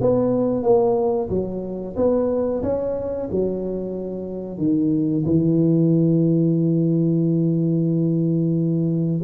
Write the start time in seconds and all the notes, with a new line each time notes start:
0.00 B3
0.63 A#3
1.29 F#3
1.96 B3
2.62 C#4
3.31 F#3
4.57 D#3
5.25 E3